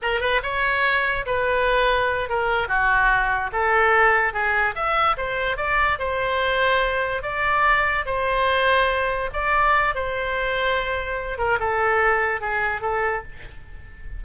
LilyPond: \new Staff \with { instrumentName = "oboe" } { \time 4/4 \tempo 4 = 145 ais'8 b'8 cis''2 b'4~ | b'4. ais'4 fis'4.~ | fis'8 a'2 gis'4 e''8~ | e''8 c''4 d''4 c''4.~ |
c''4. d''2 c''8~ | c''2~ c''8 d''4. | c''2.~ c''8 ais'8 | a'2 gis'4 a'4 | }